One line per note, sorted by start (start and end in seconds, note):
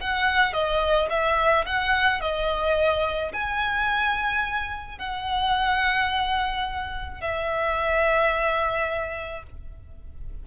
0.00 0.53 F#5
0.53 1.09 D#5
1.09 1.65 E5
1.66 2.21 F#5
2.21 3.32 D#5
3.32 4.98 G#5
4.98 7.20 F#5
7.21 9.43 E5